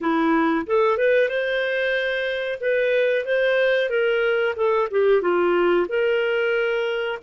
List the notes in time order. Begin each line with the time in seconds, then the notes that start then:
0.00 E4
0.66 A4
0.97 B4
1.29 C5
2.60 B4
3.25 C5
3.89 A#4
4.56 A4
4.90 G4
5.21 F4
5.88 A#4